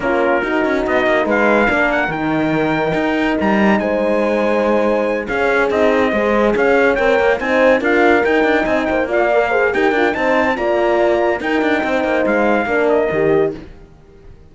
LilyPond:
<<
  \new Staff \with { instrumentName = "trumpet" } { \time 4/4 \tempo 4 = 142 ais'2 dis''4 f''4~ | f''8 fis''8 g''2. | ais''4 gis''2.~ | gis''8 f''4 dis''2 f''8~ |
f''8 g''4 gis''4 f''4 g''8~ | g''8 gis''8 g''8 f''4. g''4 | a''4 ais''2 g''4~ | g''4 f''4. dis''4. | }
  \new Staff \with { instrumentName = "horn" } { \time 4/4 f'4 fis'2 b'4 | ais'1~ | ais'4 c''2.~ | c''8 gis'2 c''4 cis''8~ |
cis''4. c''4 ais'4.~ | ais'8 dis''8 c''8 d''4 c''8 ais'4 | c''4 d''2 ais'4 | c''2 ais'2 | }
  \new Staff \with { instrumentName = "horn" } { \time 4/4 cis'4 dis'2. | d'4 dis'2.~ | dis'1~ | dis'8 cis'4 dis'4 gis'4.~ |
gis'8 ais'4 dis'4 f'4 dis'8~ | dis'4. f'8 ais'8 gis'8 g'8 f'8 | dis'4 f'2 dis'4~ | dis'2 d'4 g'4 | }
  \new Staff \with { instrumentName = "cello" } { \time 4/4 ais4 dis'8 cis'8 b8 ais8 gis4 | ais4 dis2 dis'4 | g4 gis2.~ | gis8 cis'4 c'4 gis4 cis'8~ |
cis'8 c'8 ais8 c'4 d'4 dis'8 | d'8 c'8 ais2 dis'8 d'8 | c'4 ais2 dis'8 d'8 | c'8 ais8 gis4 ais4 dis4 | }
>>